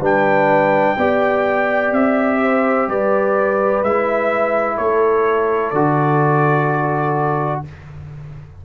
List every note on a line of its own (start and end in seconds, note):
0.00 0.95 G3
0.00 0.97 D4
0.00 0.95 B4
0.00 1.93 G5
0.97 1.92 B3
0.97 3.84 G4
0.97 2.41 D5
1.92 2.87 C4
1.92 2.89 E5
2.42 2.89 C5
2.87 3.82 G3
2.87 4.77 B4
2.87 3.83 D5
3.82 4.77 G#3
3.82 5.74 E4
3.82 4.77 E5
4.77 5.72 A3
4.77 7.62 A4
4.77 5.70 C#5
5.70 7.62 D3
5.70 7.65 F#4
5.70 7.61 D5